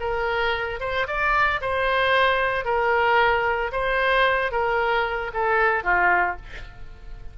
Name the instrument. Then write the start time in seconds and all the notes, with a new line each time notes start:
oboe
0.00 A#4
0.80 C5
1.07 D5
1.61 C5
2.65 A#4
3.72 C5
4.52 A#4
5.34 A4
5.83 F4